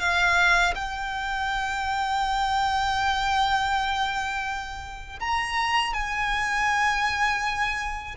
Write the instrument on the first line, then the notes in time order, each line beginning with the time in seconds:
violin
0.00 F5
0.75 G5
5.20 A#5
5.93 G#5